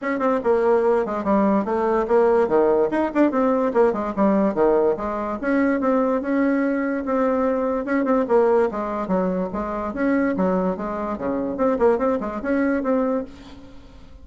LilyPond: \new Staff \with { instrumentName = "bassoon" } { \time 4/4 \tempo 4 = 145 cis'8 c'8 ais4. gis8 g4 | a4 ais4 dis4 dis'8 d'8 | c'4 ais8 gis8 g4 dis4 | gis4 cis'4 c'4 cis'4~ |
cis'4 c'2 cis'8 c'8 | ais4 gis4 fis4 gis4 | cis'4 fis4 gis4 cis4 | c'8 ais8 c'8 gis8 cis'4 c'4 | }